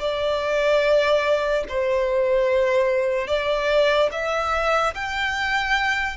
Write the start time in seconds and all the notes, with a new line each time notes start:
0.00 D5
1.68 C5
3.28 D5
4.12 E5
4.95 G5